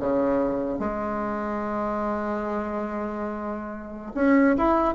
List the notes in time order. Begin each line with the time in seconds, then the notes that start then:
0.00 C#3
0.79 G#3
4.15 C#4
4.58 E4